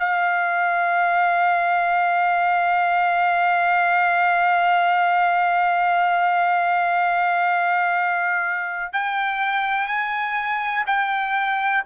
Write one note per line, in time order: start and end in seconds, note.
0.00 8.93 F5
8.93 9.88 G5
9.88 10.85 G#5
10.87 11.84 G5